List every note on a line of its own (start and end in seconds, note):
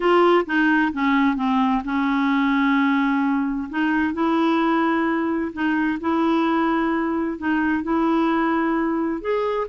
0.00 0.45 F4
0.46 0.92 D#4
0.92 1.36 C#4
1.36 1.82 C4
1.84 3.68 C#4
3.69 4.13 D#4
4.13 5.52 E4
5.52 5.99 D#4
6.00 7.37 E4
7.37 7.83 D#4
7.83 9.21 E4
9.21 9.67 G#4